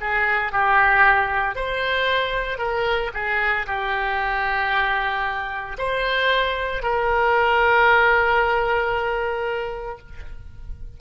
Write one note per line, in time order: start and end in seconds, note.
0.00 0.52 G#4
0.52 1.55 G4
1.55 2.58 C5
2.58 3.11 A#4
3.13 3.66 G#4
3.66 5.77 G4
5.78 6.82 C5
6.82 9.98 A#4